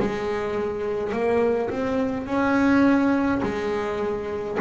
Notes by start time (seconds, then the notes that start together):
0.00 G#3
1.13 A#3
1.70 C4
2.27 C#4
3.43 G#3